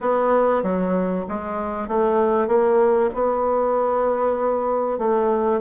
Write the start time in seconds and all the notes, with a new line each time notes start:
0.00 B3
0.62 F#3
1.28 G#3
1.88 A3
2.47 A#3
3.14 B3
4.98 A3